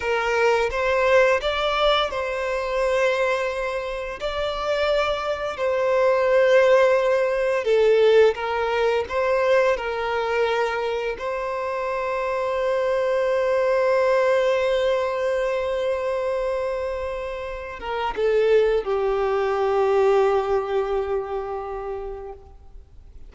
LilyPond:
\new Staff \with { instrumentName = "violin" } { \time 4/4 \tempo 4 = 86 ais'4 c''4 d''4 c''4~ | c''2 d''2 | c''2. a'4 | ais'4 c''4 ais'2 |
c''1~ | c''1~ | c''4. ais'8 a'4 g'4~ | g'1 | }